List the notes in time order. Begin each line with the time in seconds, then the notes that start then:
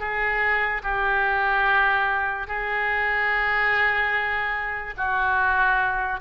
0.00 G#4
0.84 G4
2.48 G#4
4.97 F#4